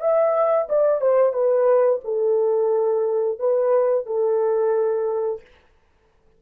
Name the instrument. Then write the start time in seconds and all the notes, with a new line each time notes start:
horn
0.00 E5
0.69 D5
1.01 C5
1.33 B4
2.04 A4
3.39 B4
4.06 A4